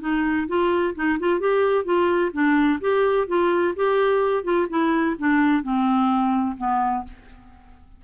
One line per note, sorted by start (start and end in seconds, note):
0.00 0.47 D#4
0.48 0.94 F4
0.95 1.18 D#4
1.19 1.40 F4
1.40 1.84 G4
1.84 2.31 F4
2.32 2.79 D4
2.80 3.27 G4
3.27 3.74 F4
3.76 4.43 G4
4.43 4.67 F4
4.69 5.16 E4
5.18 5.62 D4
5.62 6.56 C4
6.57 7.04 B3